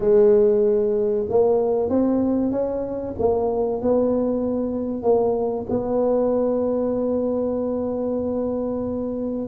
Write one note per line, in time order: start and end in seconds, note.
0.00 1.26 G#3
1.29 1.89 A#3
1.89 2.51 C4
2.51 3.14 C#4
3.18 3.81 A#3
3.81 5.02 B3
5.02 5.66 A#3
5.69 9.47 B3